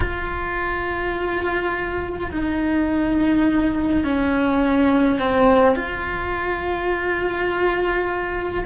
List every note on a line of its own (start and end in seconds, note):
0.00 2.31 F4
2.31 4.04 D#4
4.04 5.19 C#4
5.19 5.75 C4
5.75 8.64 F4